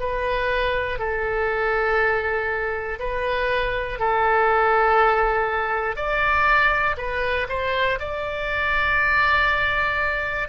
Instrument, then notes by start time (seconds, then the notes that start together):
oboe
0.00 B4
0.99 A4
3.00 B4
3.99 A4
5.96 D5
6.98 B4
7.49 C5
8.00 D5